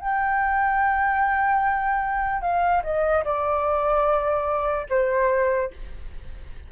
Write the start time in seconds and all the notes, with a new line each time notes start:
0.00 G5
2.42 F5
2.83 D#5
3.24 D5
4.90 C5